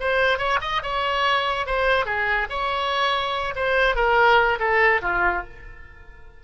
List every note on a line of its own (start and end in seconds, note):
0.00 0.39 C5
0.39 0.60 C#5
0.61 0.82 D#5
0.83 1.67 C#5
1.67 2.06 C5
2.06 2.48 G#4
2.50 3.55 C#5
3.56 3.96 C5
3.96 4.59 A#4
4.59 5.01 A4
5.02 5.44 F4